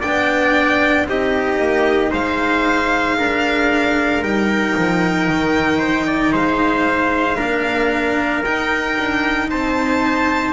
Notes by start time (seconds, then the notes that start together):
0.00 B3 D4 D5 G5
1.06 C4 D#4 G4 D#5
1.59 A#3
2.11 G#3 C5 F5
3.18 D4 A#4
4.21 G3 D#4 G5
4.77 F3
5.28 D#3
5.78 C5
6.06 D5
6.32 G#3 C5 F5
7.36 A#3 D4 A#4
8.44 D#4 G5
8.98 D4
9.50 C4 C5 A5